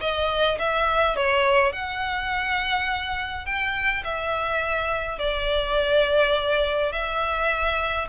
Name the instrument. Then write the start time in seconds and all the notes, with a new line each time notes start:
violin
0.00 D#5
0.59 E5
1.16 C#5
1.72 F#5
3.45 G5
4.04 E5
5.18 D5
6.92 E5